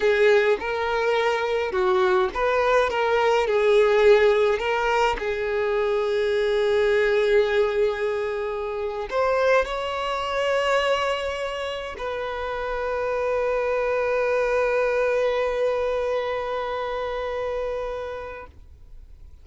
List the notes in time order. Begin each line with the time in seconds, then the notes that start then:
0.00 G#4
0.59 A#4
1.72 F#4
2.34 B4
2.90 A#4
3.47 G#4
4.58 A#4
5.18 G#4
9.09 C5
9.65 C#5
11.97 B4